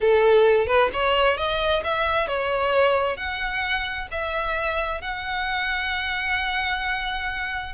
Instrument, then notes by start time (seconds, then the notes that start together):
violin
0.00 A4
0.67 B4
0.93 C#5
1.37 D#5
1.84 E5
2.27 C#5
3.17 F#5
4.11 E5
5.01 F#5